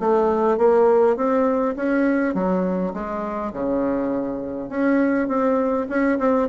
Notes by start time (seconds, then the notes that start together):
0.00 A3
0.58 A#3
1.17 C4
1.76 C#4
2.35 F#3
2.94 G#3
3.53 C#3
4.70 C#4
5.28 C4
5.89 C#4
6.19 C4